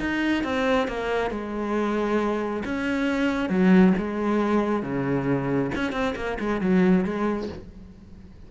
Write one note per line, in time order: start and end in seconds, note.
0.00 0.44 D#4
0.44 0.88 C4
0.88 1.31 A#3
1.31 2.63 G#3
2.65 3.50 C#4
3.50 3.94 F#3
3.98 4.83 G#3
4.83 5.71 C#3
5.75 5.93 C#4
5.93 6.15 C4
6.16 6.38 A#3
6.40 6.61 G#3
6.61 7.05 F#3
7.05 7.49 G#3